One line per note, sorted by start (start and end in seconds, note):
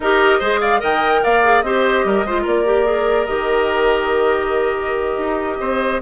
0.00 0.41 D#4
0.00 0.42 G4
0.00 0.39 A#4
0.00 0.61 D#5
0.39 0.82 G#3
0.39 0.79 G#4
0.39 0.59 C5
0.60 0.80 D5
0.60 0.81 F5
0.79 1.23 D#3
0.79 1.40 A#4
0.79 1.20 D#5
0.79 1.23 G5
1.23 1.63 A#3
1.23 1.64 D5
1.23 1.61 F5
1.43 1.63 G#4
1.61 2.03 C4
1.61 2.26 G4
1.61 2.06 C5
1.61 2.43 D#5
2.04 2.24 G3
2.04 2.26 A#4
2.24 2.45 G#3
2.24 2.65 F4
2.24 2.42 C5
2.42 3.27 A#3
2.42 5.58 A#4
2.42 3.26 D5
2.65 2.85 G4
2.85 3.26 G#4
3.26 5.17 D#3
3.26 6.01 G4
3.26 6.01 D#5
5.17 5.58 D#4
5.60 6.01 C4
5.60 6.01 C5